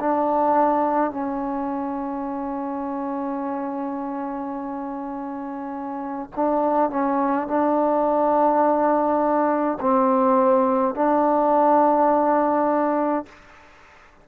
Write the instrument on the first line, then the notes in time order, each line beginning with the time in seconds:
trombone
0.00 D4
1.11 C#4
6.36 D4
6.90 C#4
7.48 D4
9.81 C4
10.95 D4